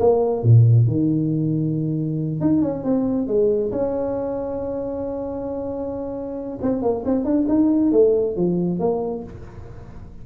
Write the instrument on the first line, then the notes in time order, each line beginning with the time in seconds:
tuba
0.00 A#3
0.43 A#2
0.87 D#3
2.41 D#4
2.62 C#4
2.84 C4
3.27 G#3
3.72 C#4
6.62 C4
6.82 A#3
7.05 C4
7.25 D4
7.48 D#4
7.92 A3
8.36 F3
8.79 A#3